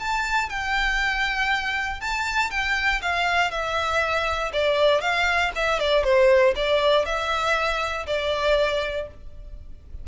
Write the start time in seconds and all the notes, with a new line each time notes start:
0.00 A5
0.50 G5
2.01 A5
2.51 G5
3.02 F5
3.51 E5
4.54 D5
5.02 F5
5.56 E5
5.80 D5
6.04 C5
6.56 D5
7.06 E5
8.07 D5